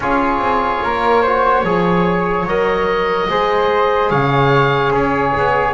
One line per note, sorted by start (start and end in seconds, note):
0.00 0.38 C#4
0.00 1.24 F4
0.00 0.83 G#4
0.00 2.47 C#5
0.38 0.79 C4
0.83 1.63 A#3
0.83 1.22 A#4
1.22 1.65 F#4
1.22 1.63 C5
1.63 2.45 F3
1.63 2.47 G#4
1.63 3.27 C#5
2.45 3.27 F#3
2.45 3.29 A#4
2.45 4.10 D#5
3.28 4.10 G#3
3.28 5.74 G#4
3.28 4.10 C5
4.10 4.91 C#3
4.10 4.91 C#5
4.10 4.92 F5
4.91 5.32 C#4
4.91 5.74 G#4
4.91 5.74 C#5
5.37 5.74 B3